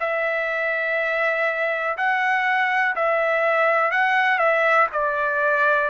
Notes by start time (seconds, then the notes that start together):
0.00 E5
1.97 F#5
2.96 E5
3.91 F#5
4.39 E5
4.93 D5